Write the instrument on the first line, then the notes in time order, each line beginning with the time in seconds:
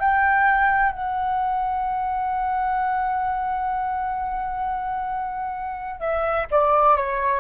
flute
0.00 G5
0.92 F#5
6.00 E5
6.51 D5
6.97 C#5